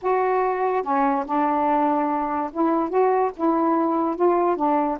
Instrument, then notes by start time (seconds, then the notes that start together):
saxophone
0.02 F#4
0.83 C#4
1.26 D4
2.52 E4
2.89 F#4
3.36 E4
4.16 F4
4.56 D4